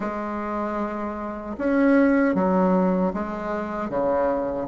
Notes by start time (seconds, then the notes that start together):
0.00 G#3
1.58 C#4
2.34 F#3
3.13 G#3
3.89 C#3